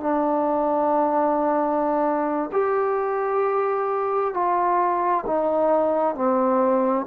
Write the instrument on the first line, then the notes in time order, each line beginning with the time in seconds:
trombone
0.00 D4
2.52 G4
4.34 F4
5.26 D#4
6.15 C4